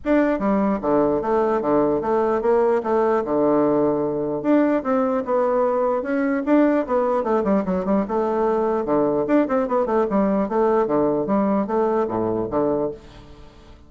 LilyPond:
\new Staff \with { instrumentName = "bassoon" } { \time 4/4 \tempo 4 = 149 d'4 g4 d4 a4 | d4 a4 ais4 a4 | d2. d'4 | c'4 b2 cis'4 |
d'4 b4 a8 g8 fis8 g8 | a2 d4 d'8 c'8 | b8 a8 g4 a4 d4 | g4 a4 a,4 d4 | }